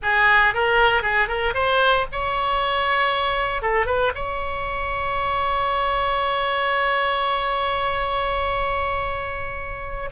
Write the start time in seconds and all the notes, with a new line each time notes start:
0.02 G#4
0.54 A#4
1.02 G#4
1.27 A#4
1.54 C5
2.12 C#5
3.61 A4
3.86 B4
4.14 C#5